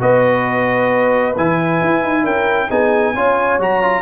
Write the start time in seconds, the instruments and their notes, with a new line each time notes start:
0.00 tuba B3, trombone F#4, horn B4, trumpet D#5
1.37 tuba E3, trombone E4, trumpet G#5
1.81 tuba E4
2.04 tuba D#4
2.23 tuba C#4, horn A#4, trumpet G5
2.69 tuba B3, trombone D#4, horn G#4, trumpet G#5
3.15 tuba C#4, trombone F4, horn C#5
3.59 tuba F#3, trombone F#4, trumpet A#5
3.82 trombone F4